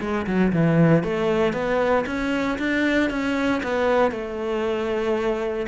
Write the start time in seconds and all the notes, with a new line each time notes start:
0.00 G#3
0.26 F#3
0.52 E3
1.03 A3
1.53 B3
2.06 C#4
2.58 D4
3.10 C#4
3.63 B3
4.11 A3